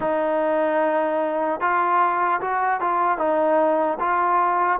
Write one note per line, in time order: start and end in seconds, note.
0.00 1.60 D#4
1.60 2.40 F4
2.40 2.80 F#4
2.80 3.18 F4
3.18 3.98 D#4
3.99 4.79 F4